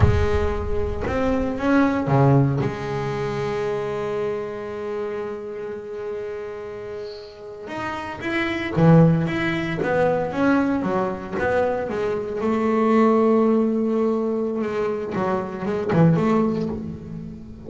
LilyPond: \new Staff \with { instrumentName = "double bass" } { \time 4/4 \tempo 4 = 115 gis2 c'4 cis'4 | cis4 gis2.~ | gis1~ | gis2~ gis8. dis'4 e'16~ |
e'8. e4 e'4 b4 cis'16~ | cis'8. fis4 b4 gis4 a16~ | a1 | gis4 fis4 gis8 e8 a4 | }